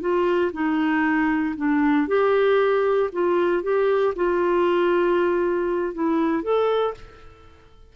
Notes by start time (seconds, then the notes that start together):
0.00 F4
0.52 D#4
1.56 D4
2.07 G4
3.12 F4
3.62 G4
4.15 F4
5.94 E4
6.42 A4